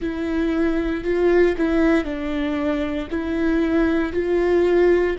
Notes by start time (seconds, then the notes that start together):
0.00 E4
1.03 F4
1.57 E4
2.04 D4
3.10 E4
4.12 F4